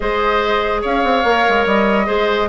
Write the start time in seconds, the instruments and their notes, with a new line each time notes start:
0.00 bassoon G#3, clarinet G#4, oboe C5, flute D#5
0.81 bassoon C#4, oboe C#5, flute F5
1.03 bassoon C4
1.24 bassoon A#3, clarinet A#4
1.48 bassoon G#3
1.65 bassoon G3, flute D#5
2.05 bassoon G#3, clarinet G#4, oboe C5